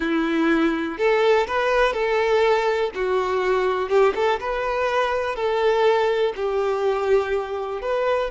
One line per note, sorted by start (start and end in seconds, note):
0.00 0.98 E4
0.98 1.46 A4
1.47 1.93 B4
1.93 2.90 A4
2.94 3.89 F#4
3.89 4.13 G4
4.15 4.39 A4
4.40 5.35 B4
5.35 6.33 A4
6.36 7.81 G4
7.81 8.30 B4